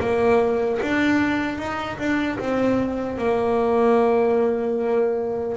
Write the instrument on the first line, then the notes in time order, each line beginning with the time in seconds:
double bass
0.00 A#3
0.82 D4
1.58 D#4
1.99 D4
2.39 C4
3.18 A#3